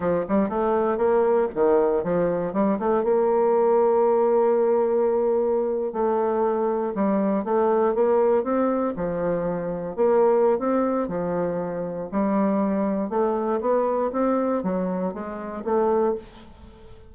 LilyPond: \new Staff \with { instrumentName = "bassoon" } { \time 4/4 \tempo 4 = 119 f8 g8 a4 ais4 dis4 | f4 g8 a8 ais2~ | ais2.~ ais8. a16~ | a4.~ a16 g4 a4 ais16~ |
ais8. c'4 f2 ais16~ | ais4 c'4 f2 | g2 a4 b4 | c'4 fis4 gis4 a4 | }